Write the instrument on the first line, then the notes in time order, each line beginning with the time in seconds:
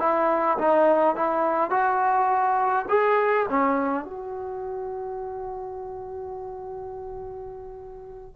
trombone
0.00 E4
0.58 D#4
1.16 E4
1.71 F#4
2.89 G#4
3.50 C#4
4.05 F#4